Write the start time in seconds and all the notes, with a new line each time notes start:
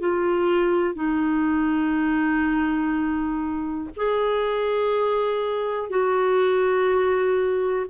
0.00 F4
0.95 D#4
3.97 G#4
5.90 F#4